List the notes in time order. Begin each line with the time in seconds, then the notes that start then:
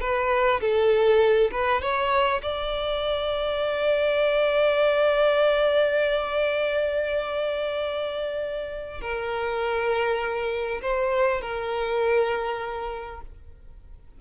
0.00 B4
0.60 A4
1.51 B4
1.81 C#5
2.42 D5
9.01 A#4
10.81 C5
11.41 A#4